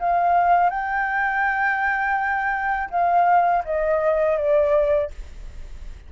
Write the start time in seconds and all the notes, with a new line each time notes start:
0.00 F5
0.70 G5
2.91 F5
3.65 D#5
4.38 D5